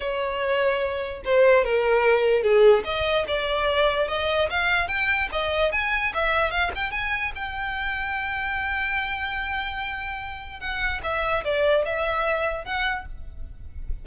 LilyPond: \new Staff \with { instrumentName = "violin" } { \time 4/4 \tempo 4 = 147 cis''2. c''4 | ais'2 gis'4 dis''4 | d''2 dis''4 f''4 | g''4 dis''4 gis''4 e''4 |
f''8 g''8 gis''4 g''2~ | g''1~ | g''2 fis''4 e''4 | d''4 e''2 fis''4 | }